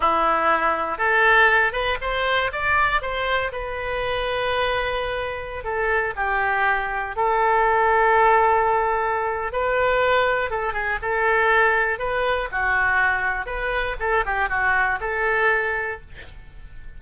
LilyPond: \new Staff \with { instrumentName = "oboe" } { \time 4/4 \tempo 4 = 120 e'2 a'4. b'8 | c''4 d''4 c''4 b'4~ | b'2.~ b'16 a'8.~ | a'16 g'2 a'4.~ a'16~ |
a'2. b'4~ | b'4 a'8 gis'8 a'2 | b'4 fis'2 b'4 | a'8 g'8 fis'4 a'2 | }